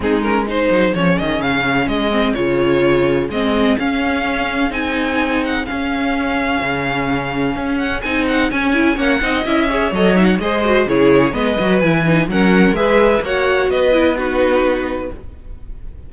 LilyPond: <<
  \new Staff \with { instrumentName = "violin" } { \time 4/4 \tempo 4 = 127 gis'8 ais'8 c''4 cis''8 dis''8 f''4 | dis''4 cis''2 dis''4 | f''2 gis''4. fis''8 | f''1~ |
f''8 fis''8 gis''8 fis''8 gis''4 fis''4 | e''4 dis''8 e''16 fis''16 dis''4 cis''4 | dis''4 gis''4 fis''4 e''4 | fis''4 dis''4 b'2 | }
  \new Staff \with { instrumentName = "violin" } { \time 4/4 dis'4 gis'2.~ | gis'1~ | gis'1~ | gis'1~ |
gis'2. cis''8 dis''8~ | dis''8 cis''4. c''4 gis'4 | b'2 ais'4 b'4 | cis''4 b'4 fis'2 | }
  \new Staff \with { instrumentName = "viola" } { \time 4/4 c'8 cis'8 dis'4 cis'2~ | cis'8 c'8 f'2 c'4 | cis'2 dis'2 | cis'1~ |
cis'4 dis'4 cis'8 e'8 cis'8 dis'8 | e'8 gis'8 a'8 dis'8 gis'8 fis'8 e'4 | b8 fis'8 e'8 dis'8 cis'4 gis'4 | fis'4. e'8 dis'2 | }
  \new Staff \with { instrumentName = "cello" } { \time 4/4 gis4. fis8 f8 dis8 cis4 | gis4 cis2 gis4 | cis'2 c'2 | cis'2 cis2 |
cis'4 c'4 cis'4 ais8 c'8 | cis'4 fis4 gis4 cis4 | gis8 fis8 e4 fis4 gis4 | ais4 b2. | }
>>